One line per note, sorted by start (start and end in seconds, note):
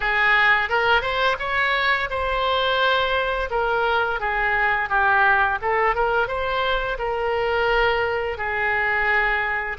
0.00 0.69 G#4
0.69 1.01 A#4
1.01 1.36 C5
1.39 2.09 C#5
2.10 3.49 C5
3.50 4.20 A#4
4.20 4.89 G#4
4.89 5.58 G4
5.61 5.95 A4
5.95 6.27 A#4
6.27 6.97 C5
6.98 8.37 A#4
8.37 9.77 G#4